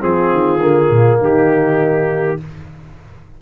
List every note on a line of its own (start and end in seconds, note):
0.00 0.32 F3
0.00 0.59 C4
0.00 1.20 F4
0.00 1.20 G#4
0.32 0.61 D#3
0.61 0.90 D3
0.61 2.37 A#3
0.90 1.19 A#2
1.20 2.38 D#3
1.20 2.38 D#4
1.20 2.42 G4